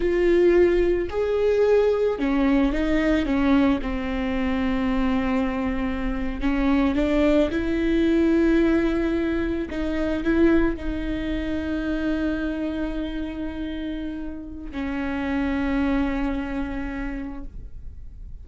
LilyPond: \new Staff \with { instrumentName = "viola" } { \time 4/4 \tempo 4 = 110 f'2 gis'2 | cis'4 dis'4 cis'4 c'4~ | c'2.~ c'8. cis'16~ | cis'8. d'4 e'2~ e'16~ |
e'4.~ e'16 dis'4 e'4 dis'16~ | dis'1~ | dis'2. cis'4~ | cis'1 | }